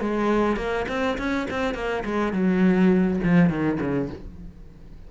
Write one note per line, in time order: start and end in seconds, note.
0.00 0.56 G#3
0.56 0.85 A#3
0.88 1.17 C4
1.18 1.47 C#4
1.50 1.74 C4
1.74 2.03 A#3
2.04 2.32 G#3
2.32 3.20 F#3
3.23 3.49 F3
3.49 3.78 D#3
3.80 4.09 C#3